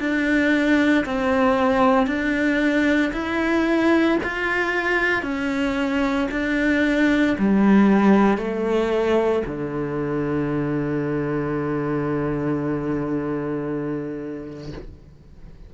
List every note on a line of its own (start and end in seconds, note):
0.00 1.05 D4
1.05 2.07 C4
2.07 3.12 D4
3.13 4.19 E4
4.23 5.23 F4
5.23 6.28 C#4
6.32 7.37 D4
7.39 8.38 G3
8.38 9.44 A3
9.47 14.73 D3